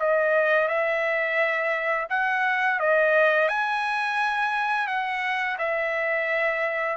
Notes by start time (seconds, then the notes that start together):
0.00 D#5
0.68 E5
2.10 F#5
2.80 D#5
3.49 G#5
4.88 F#5
5.59 E5